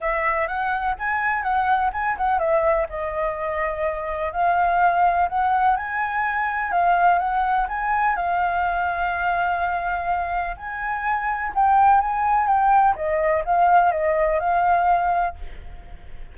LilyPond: \new Staff \with { instrumentName = "flute" } { \time 4/4 \tempo 4 = 125 e''4 fis''4 gis''4 fis''4 | gis''8 fis''8 e''4 dis''2~ | dis''4 f''2 fis''4 | gis''2 f''4 fis''4 |
gis''4 f''2.~ | f''2 gis''2 | g''4 gis''4 g''4 dis''4 | f''4 dis''4 f''2 | }